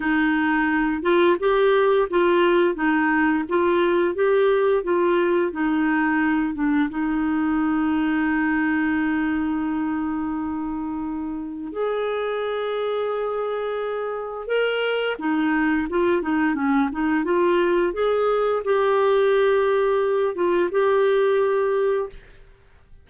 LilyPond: \new Staff \with { instrumentName = "clarinet" } { \time 4/4 \tempo 4 = 87 dis'4. f'8 g'4 f'4 | dis'4 f'4 g'4 f'4 | dis'4. d'8 dis'2~ | dis'1~ |
dis'4 gis'2.~ | gis'4 ais'4 dis'4 f'8 dis'8 | cis'8 dis'8 f'4 gis'4 g'4~ | g'4. f'8 g'2 | }